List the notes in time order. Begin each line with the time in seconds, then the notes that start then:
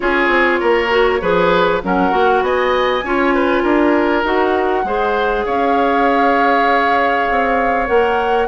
0.00 C#4 F4 G#4 C#5
0.28 C4
0.60 A#3 A#4
0.89 F#4
1.20 F3 G#4 B4
1.83 F#3 C#4 A#4 F#5
2.10 A#3 F#4
2.42 B3 D#5 G#5
3.03 C#4 F4 C#5
3.34 B4
3.62 D4 A#4
4.23 D#4 F#4 F#5
4.84 G#3 G#4 C5
5.45 C#4 C#5 F5
7.29 C4
7.87 A#3 A#4 F#5